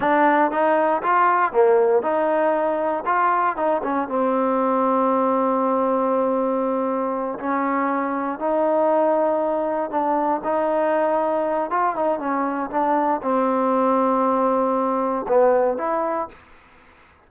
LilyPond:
\new Staff \with { instrumentName = "trombone" } { \time 4/4 \tempo 4 = 118 d'4 dis'4 f'4 ais4 | dis'2 f'4 dis'8 cis'8 | c'1~ | c'2~ c'8 cis'4.~ |
cis'8 dis'2. d'8~ | d'8 dis'2~ dis'8 f'8 dis'8 | cis'4 d'4 c'2~ | c'2 b4 e'4 | }